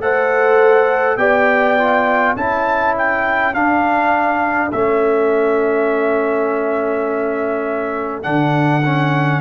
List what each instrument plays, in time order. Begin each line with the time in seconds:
0.00 tuba A3, trombone A4, horn C5, trumpet F#5
1.17 tuba B3, trombone G4, horn D5, trumpet G5
1.78 trombone F4
2.36 tuba C#4, trombone E4, horn A4, trumpet A5
2.98 trumpet G5
3.54 tuba D4, trombone D4, trumpet F5
4.72 tuba A3, trombone C#4, trumpet E5
8.23 tuba D3, trombone D4, trumpet F#5
8.86 trombone C#4